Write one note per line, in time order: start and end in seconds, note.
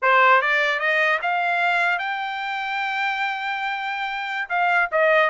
0.01 0.41 C5
0.41 0.79 D5
0.79 1.19 D#5
1.21 1.99 F5
1.99 4.49 G5
4.49 4.89 F5
4.91 5.29 D#5